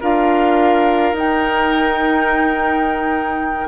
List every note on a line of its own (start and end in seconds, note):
0.00 1.12 D4
0.00 1.14 F4
0.00 3.68 A#4
0.00 1.16 F5
1.12 3.67 D#4
1.12 3.68 D#4
1.12 3.68 G5